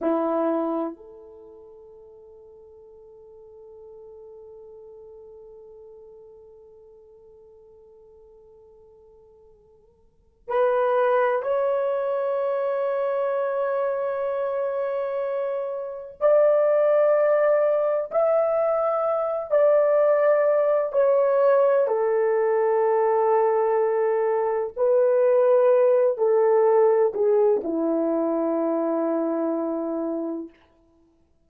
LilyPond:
\new Staff \with { instrumentName = "horn" } { \time 4/4 \tempo 4 = 63 e'4 a'2.~ | a'1~ | a'2. b'4 | cis''1~ |
cis''4 d''2 e''4~ | e''8 d''4. cis''4 a'4~ | a'2 b'4. a'8~ | a'8 gis'8 e'2. | }